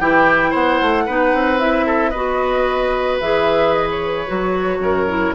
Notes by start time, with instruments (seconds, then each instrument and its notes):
0.00 bassoon E3, clarinet E4, oboe G4, flute G5
0.51 bassoon B3, oboe C5, flute F#5
0.81 bassoon A3
1.06 bassoon B3, clarinet D#4, oboe B4
1.33 bassoon C4
1.60 clarinet E4, flute E5
1.86 oboe A4
2.10 bassoon B3, clarinet F#4, oboe B4, flute D#5
3.21 bassoon E3, clarinet G#4, flute E5
3.74 flute D#5
3.91 flute C#5
4.27 bassoon F#3, clarinet F#4
4.79 bassoon F#2, oboe A#4
5.08 clarinet E4